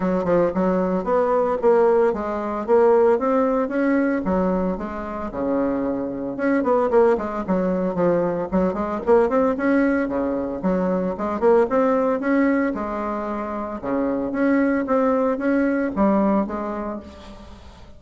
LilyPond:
\new Staff \with { instrumentName = "bassoon" } { \time 4/4 \tempo 4 = 113 fis8 f8 fis4 b4 ais4 | gis4 ais4 c'4 cis'4 | fis4 gis4 cis2 | cis'8 b8 ais8 gis8 fis4 f4 |
fis8 gis8 ais8 c'8 cis'4 cis4 | fis4 gis8 ais8 c'4 cis'4 | gis2 cis4 cis'4 | c'4 cis'4 g4 gis4 | }